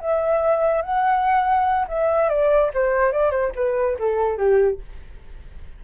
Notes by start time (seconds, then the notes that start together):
0.00 E5
0.81 F#5
1.87 E5
2.29 D5
2.73 C5
3.12 D5
3.31 C5
3.55 B4
3.99 A4
4.37 G4